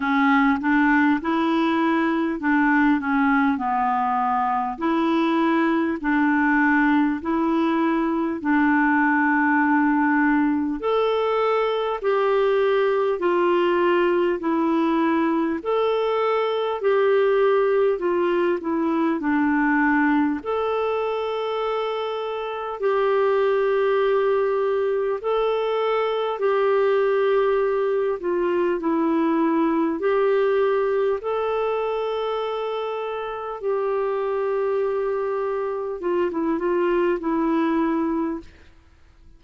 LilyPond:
\new Staff \with { instrumentName = "clarinet" } { \time 4/4 \tempo 4 = 50 cis'8 d'8 e'4 d'8 cis'8 b4 | e'4 d'4 e'4 d'4~ | d'4 a'4 g'4 f'4 | e'4 a'4 g'4 f'8 e'8 |
d'4 a'2 g'4~ | g'4 a'4 g'4. f'8 | e'4 g'4 a'2 | g'2 f'16 e'16 f'8 e'4 | }